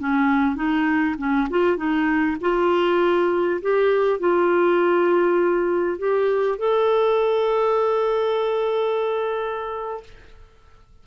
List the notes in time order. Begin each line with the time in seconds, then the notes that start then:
0.00 C#4
0.56 D#4
1.18 C#4
1.50 F4
1.77 D#4
2.41 F4
3.62 G4
4.20 F4
5.99 G4
6.59 A4